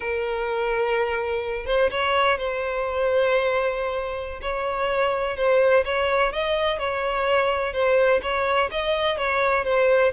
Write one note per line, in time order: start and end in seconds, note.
0.00 1.66 A#4
1.66 1.89 C5
1.90 2.37 C#5
2.37 4.40 C5
4.41 5.36 C#5
5.36 5.84 C5
5.84 6.32 C#5
6.32 6.78 D#5
6.78 7.73 C#5
7.73 8.21 C5
8.22 8.70 C#5
8.71 9.17 D#5
9.17 9.64 C#5
9.64 10.12 C5